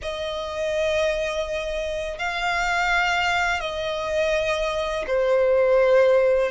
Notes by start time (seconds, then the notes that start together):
0.02 D#5
2.18 F5
3.60 D#5
5.07 C5